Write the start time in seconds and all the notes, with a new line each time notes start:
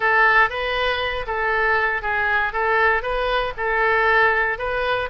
0.00 A4
0.49 B4
1.26 A4
2.02 G#4
2.52 A4
3.02 B4
3.57 A4
4.58 B4